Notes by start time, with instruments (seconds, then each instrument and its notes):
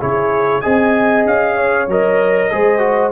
0.00 tuba C#3, trombone E4, horn G#4, trumpet C#5
0.61 tuba C4, trombone G#4, horn D#5, trumpet G#5
1.26 tuba C#4, trumpet F5
1.57 horn C#5
1.88 tuba F#3, trombone A#4, trumpet D#5
2.51 tuba G#3, trombone G#4, horn C5
2.79 trombone F#4